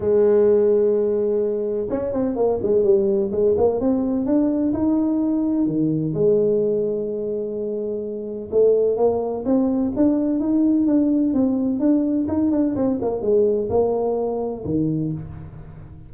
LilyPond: \new Staff \with { instrumentName = "tuba" } { \time 4/4 \tempo 4 = 127 gis1 | cis'8 c'8 ais8 gis8 g4 gis8 ais8 | c'4 d'4 dis'2 | dis4 gis2.~ |
gis2 a4 ais4 | c'4 d'4 dis'4 d'4 | c'4 d'4 dis'8 d'8 c'8 ais8 | gis4 ais2 dis4 | }